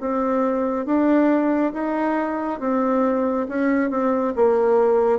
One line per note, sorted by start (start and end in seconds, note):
0.00 0.85 C4
0.85 1.72 D4
1.73 2.60 D#4
2.60 3.47 C4
3.48 3.90 C#4
3.90 4.33 C4
4.36 5.19 A#3